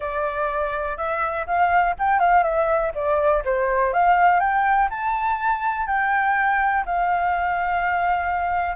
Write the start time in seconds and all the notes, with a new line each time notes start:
0.00 D5
0.97 E5
1.46 F5
1.98 G5
2.19 F5
2.43 E5
2.94 D5
3.44 C5
3.93 F5
4.39 G5
4.90 A5
5.86 G5
6.85 F5